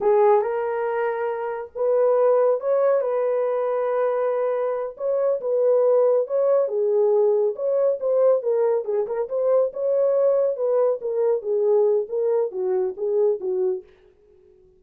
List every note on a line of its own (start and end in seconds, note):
0.00 0.41 G#4
0.41 1.71 A#4
1.75 2.60 B4
2.60 3.01 C#5
3.01 4.95 B4
4.97 5.40 C#5
5.40 6.27 B4
6.27 6.68 C#5
6.68 7.54 G#4
7.55 7.98 C#5
8.00 8.42 C5
8.42 8.84 A#4
8.84 9.06 G#4
9.06 9.28 A#4
9.28 9.72 C5
9.73 10.56 C#5
10.56 10.99 B4
11.01 11.42 A#4
11.42 12.06 G#4
12.08 12.51 A#4
12.51 12.95 F#4
12.96 13.39 G#4
13.40 13.83 F#4